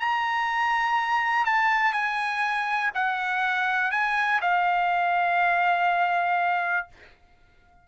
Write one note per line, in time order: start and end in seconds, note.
0.00 1.46 A#5
1.46 1.93 A5
1.93 2.91 G#5
2.95 3.92 F#5
3.92 4.41 G#5
4.42 6.88 F5